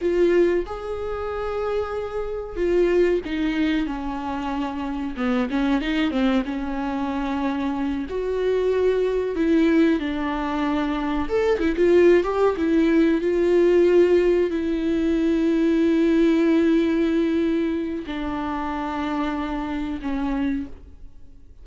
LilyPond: \new Staff \with { instrumentName = "viola" } { \time 4/4 \tempo 4 = 93 f'4 gis'2. | f'4 dis'4 cis'2 | b8 cis'8 dis'8 c'8 cis'2~ | cis'8 fis'2 e'4 d'8~ |
d'4. a'8 e'16 f'8. g'8 e'8~ | e'8 f'2 e'4.~ | e'1 | d'2. cis'4 | }